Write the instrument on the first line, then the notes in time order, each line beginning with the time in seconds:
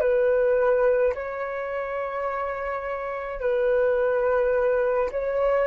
flute
0.00 B4
1.14 C#5
3.40 B4
5.11 C#5